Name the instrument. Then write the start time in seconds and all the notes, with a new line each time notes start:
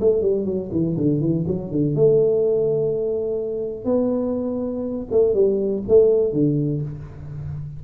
tuba
0.00 A3
0.21 G3
0.45 F#3
0.71 E3
0.96 D3
1.20 E3
1.47 F#3
1.71 D3
1.95 A3
3.84 B3
5.11 A3
5.33 G3
5.87 A3
6.32 D3